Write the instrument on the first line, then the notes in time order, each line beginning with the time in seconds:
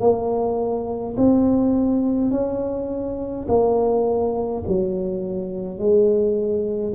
tuba
0.00 A#3
1.17 C4
2.31 C#4
3.48 A#3
4.67 F#3
5.78 G#3